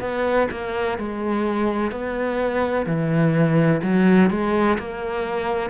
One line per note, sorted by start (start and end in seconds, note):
0.00 0.48 B3
0.51 0.98 A#3
0.98 1.91 G#3
1.91 2.87 B3
2.87 3.82 E3
3.83 4.30 F#3
4.30 4.78 G#3
4.79 5.70 A#3